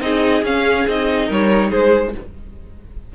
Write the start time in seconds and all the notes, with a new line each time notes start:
0.00 C4 D#4 G#4 D#5
0.43 C#4 F5
0.87 C4 D#4 D#5
1.27 G3 A#4 C#5
1.70 G#3 G#4 C5